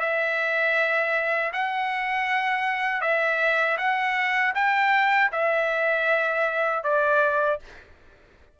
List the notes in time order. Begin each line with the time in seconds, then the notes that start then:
0.00 E5
1.53 F#5
3.01 E5
3.78 F#5
4.55 G5
5.32 E5
6.84 D5